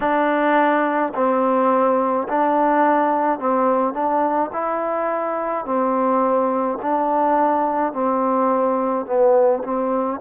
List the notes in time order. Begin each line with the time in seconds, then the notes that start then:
0.00 D4
1.14 C4
2.28 D4
3.39 C4
3.93 D4
4.53 E4
5.65 C4
6.82 D4
7.92 C4
9.06 B3
9.63 C4